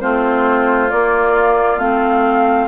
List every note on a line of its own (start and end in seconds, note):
0.00 0.92 A3
0.00 0.90 C4
0.00 2.68 F4
0.00 0.90 C5
0.90 1.79 A#3
0.90 1.78 A#3
0.90 1.79 D5
1.78 2.67 A3
1.78 2.68 C4
1.78 2.68 F5